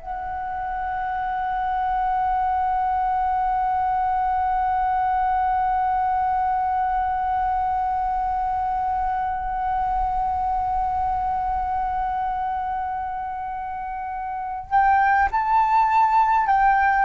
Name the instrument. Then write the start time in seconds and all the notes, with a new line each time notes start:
flute
0.00 F#5
14.70 G5
15.32 A5
16.47 G5